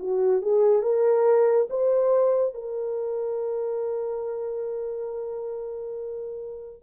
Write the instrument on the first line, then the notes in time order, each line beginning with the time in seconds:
horn
0.00 F#4
0.42 G#4
0.83 A#4
1.70 C5
2.55 A#4